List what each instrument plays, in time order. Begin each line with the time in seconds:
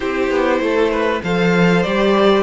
0.00 cello C4, viola E4, violin G4 C5
0.30 cello B3
0.59 cello A3, violin A4
0.91 violin B4
1.23 cello F3, viola A4, violin C5 F5
1.83 cello G3, viola G4, violin D5